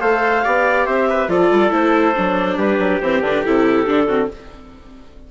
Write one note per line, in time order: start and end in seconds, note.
0.00 0.44 A3
0.00 0.43 A4
0.00 0.44 C5
0.00 0.86 F5
0.44 0.87 B3
0.44 1.28 G4
0.44 0.86 D5
0.86 1.28 C4
0.86 1.08 C5
0.86 1.28 E5
1.09 1.30 B4
1.28 1.49 F3
1.28 1.70 F4
1.28 2.57 A4
1.28 1.71 D5
1.51 1.71 G3
1.70 2.14 A3
1.70 2.13 E4
1.70 2.58 C5
2.15 2.57 F#3
2.15 3.01 D4
2.57 2.79 G3
2.57 4.07 G4
2.57 3.00 B4
2.79 3.00 F#3
3.00 3.21 E3
3.00 3.23 C4
3.00 3.22 C5
3.21 3.42 D3
3.21 3.45 D4
3.21 3.44 B4
3.45 3.87 C3
3.45 3.86 E4
3.45 4.30 A4
3.86 4.30 D3
3.86 4.07 D4
4.07 4.29 C4
4.07 4.29 F#4